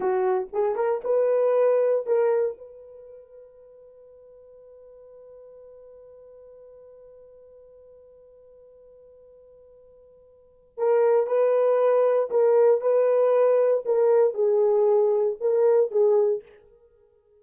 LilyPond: \new Staff \with { instrumentName = "horn" } { \time 4/4 \tempo 4 = 117 fis'4 gis'8 ais'8 b'2 | ais'4 b'2.~ | b'1~ | b'1~ |
b'1~ | b'4 ais'4 b'2 | ais'4 b'2 ais'4 | gis'2 ais'4 gis'4 | }